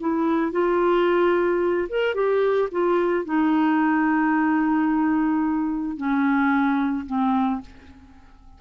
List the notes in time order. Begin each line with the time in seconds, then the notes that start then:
0.00 E4
0.52 F4
1.89 A#4
2.14 G4
2.71 F4
3.25 D#4
5.97 C#4
7.06 C4